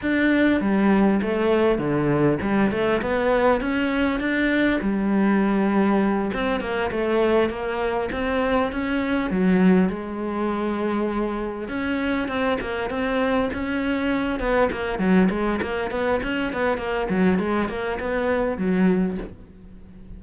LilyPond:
\new Staff \with { instrumentName = "cello" } { \time 4/4 \tempo 4 = 100 d'4 g4 a4 d4 | g8 a8 b4 cis'4 d'4 | g2~ g8 c'8 ais8 a8~ | a8 ais4 c'4 cis'4 fis8~ |
fis8 gis2. cis'8~ | cis'8 c'8 ais8 c'4 cis'4. | b8 ais8 fis8 gis8 ais8 b8 cis'8 b8 | ais8 fis8 gis8 ais8 b4 fis4 | }